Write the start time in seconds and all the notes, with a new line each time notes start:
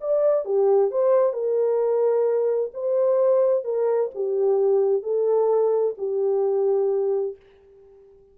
0.00 D5
0.45 G4
0.91 C5
1.33 A#4
2.73 C5
3.64 A#4
4.14 G4
5.02 A4
5.97 G4